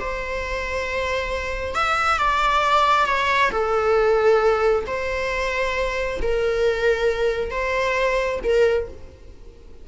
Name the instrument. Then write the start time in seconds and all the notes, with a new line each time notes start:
viola
0.00 C5
1.75 E5
2.18 D5
3.06 C#5
3.51 A4
4.87 C5
6.22 A#4
7.51 C5
8.44 A#4